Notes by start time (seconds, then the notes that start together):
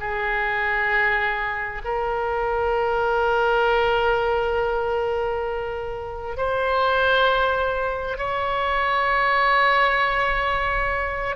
0.00 G#4
1.84 A#4
6.37 C5
8.18 C#5